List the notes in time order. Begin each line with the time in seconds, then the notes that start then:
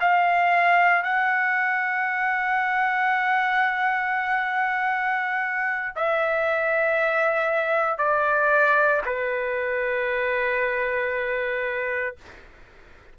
0.00 F5
1.03 F#5
5.96 E5
7.97 D5
9.05 B4